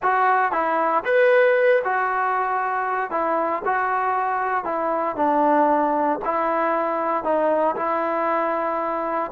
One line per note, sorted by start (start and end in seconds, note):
0.02 0.51 F#4
0.51 1.03 E4
1.05 1.82 B4
1.84 3.10 F#4
3.10 3.62 E4
3.65 4.64 F#4
4.64 5.16 E4
5.16 6.19 D4
6.24 7.23 E4
7.23 7.75 D#4
7.76 9.31 E4